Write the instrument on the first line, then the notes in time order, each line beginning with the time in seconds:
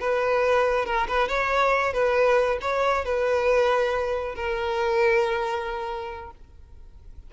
violin
0.00 B4
0.85 A#4
1.08 B4
1.28 C#5
1.93 B4
2.61 C#5
3.05 B4
4.35 A#4